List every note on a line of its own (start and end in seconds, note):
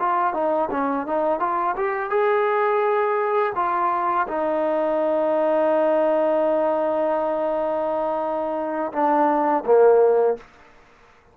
0.00 0.34 F4
0.34 0.70 D#4
0.71 1.07 C#4
1.07 1.40 D#4
1.40 1.76 F4
1.77 2.10 G4
2.10 3.53 G#4
3.56 4.27 F4
4.28 8.92 D#4
8.93 9.64 D4
9.66 10.37 A#3